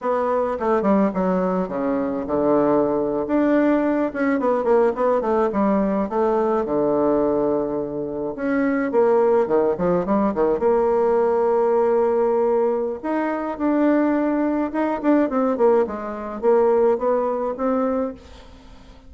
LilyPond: \new Staff \with { instrumentName = "bassoon" } { \time 4/4 \tempo 4 = 106 b4 a8 g8 fis4 cis4 | d4.~ d16 d'4. cis'8 b16~ | b16 ais8 b8 a8 g4 a4 d16~ | d2~ d8. cis'4 ais16~ |
ais8. dis8 f8 g8 dis8 ais4~ ais16~ | ais2. dis'4 | d'2 dis'8 d'8 c'8 ais8 | gis4 ais4 b4 c'4 | }